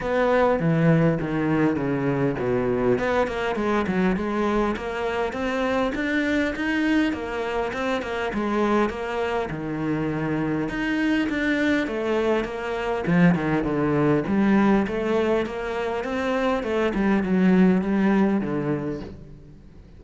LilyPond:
\new Staff \with { instrumentName = "cello" } { \time 4/4 \tempo 4 = 101 b4 e4 dis4 cis4 | b,4 b8 ais8 gis8 fis8 gis4 | ais4 c'4 d'4 dis'4 | ais4 c'8 ais8 gis4 ais4 |
dis2 dis'4 d'4 | a4 ais4 f8 dis8 d4 | g4 a4 ais4 c'4 | a8 g8 fis4 g4 d4 | }